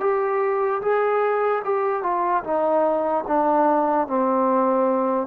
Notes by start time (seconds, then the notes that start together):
0.00 G4
0.81 G#4
1.64 G4
2.03 F4
2.43 D#4
3.27 D4
4.07 C4